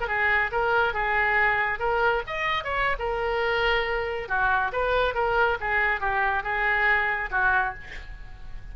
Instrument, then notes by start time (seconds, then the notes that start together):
oboe
0.00 A#4
0.07 G#4
0.51 A#4
0.93 G#4
1.79 A#4
2.27 D#5
2.64 C#5
2.99 A#4
4.28 F#4
4.72 B4
5.14 A#4
5.60 G#4
6.00 G4
6.43 G#4
7.31 F#4